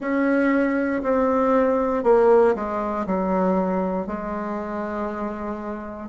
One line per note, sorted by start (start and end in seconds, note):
0.00 1.02 C#4
1.02 2.03 C4
2.03 2.54 A#3
2.55 3.06 G#3
3.06 4.06 F#3
4.06 6.09 G#3